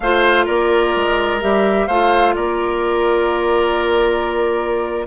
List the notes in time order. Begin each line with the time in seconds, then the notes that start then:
0.00 A3 F4 C5 F5
0.45 A#3 A#4 D5
0.95 G#3
1.41 G3 G4 E5
1.87 A3 F4 C5 F5
2.35 A#3 A#4 D5